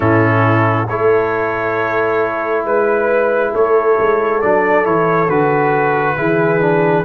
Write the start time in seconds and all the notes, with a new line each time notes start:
0.00 A2 C#4 E4 A4
0.87 A3 E4 A4 C#5
2.64 G#3 B4
3.52 A3 A4 C#5
3.99 G#3
4.41 F#3 D4 D5
4.84 E3 E4 C#5
5.28 D3 F#4 B4
6.16 E3 E4 G#4
6.60 D4